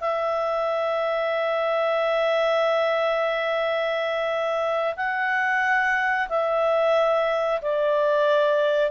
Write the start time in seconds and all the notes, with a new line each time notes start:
0.00 E5
4.96 F#5
6.29 E5
7.62 D5